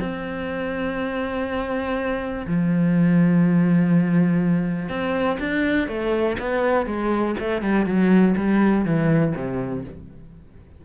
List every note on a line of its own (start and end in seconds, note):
0.00 2.46 C4
2.47 4.89 F3
4.89 5.38 C4
5.40 5.88 D4
5.88 6.37 A3
6.40 6.86 B3
6.86 7.35 G#3
7.40 7.62 A3
7.62 7.86 G3
7.86 8.35 F#3
8.37 8.85 G3
8.85 9.34 E3
9.36 9.85 C3